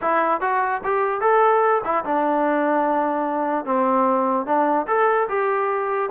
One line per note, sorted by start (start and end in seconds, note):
0.01 0.40 E4
0.40 0.81 F#4
0.84 1.21 G4
1.21 1.81 A4
1.84 2.04 E4
2.05 3.65 D4
3.65 4.46 C4
4.46 4.86 D4
4.87 5.28 A4
5.28 6.09 G4